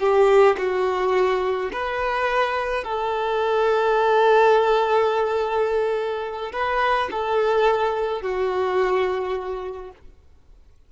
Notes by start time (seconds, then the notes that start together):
0.00 G4
0.58 F#4
1.73 B4
2.85 A4
6.53 B4
7.11 A4
8.22 F#4